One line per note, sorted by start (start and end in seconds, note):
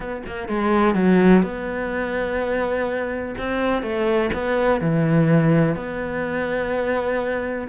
0.00 0.22 B3
0.26 0.48 A#3
0.48 0.94 G#3
0.94 1.42 F#3
1.43 3.35 B3
3.38 3.82 C4
3.82 4.30 A3
4.33 4.80 B3
4.80 5.75 E3
5.75 7.67 B3